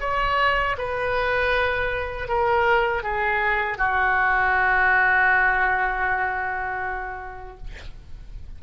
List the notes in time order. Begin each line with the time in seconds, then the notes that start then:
0.00 C#5
0.77 B4
2.28 A#4
3.03 G#4
3.77 F#4